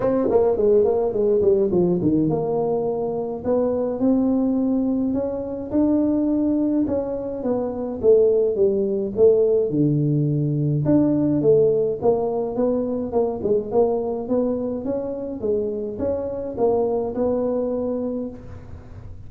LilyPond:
\new Staff \with { instrumentName = "tuba" } { \time 4/4 \tempo 4 = 105 c'8 ais8 gis8 ais8 gis8 g8 f8 dis8 | ais2 b4 c'4~ | c'4 cis'4 d'2 | cis'4 b4 a4 g4 |
a4 d2 d'4 | a4 ais4 b4 ais8 gis8 | ais4 b4 cis'4 gis4 | cis'4 ais4 b2 | }